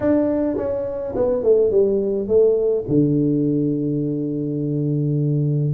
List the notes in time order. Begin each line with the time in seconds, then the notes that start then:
0.00 D4
0.56 C#4
1.15 B3
1.43 A3
1.70 G3
2.27 A3
2.88 D3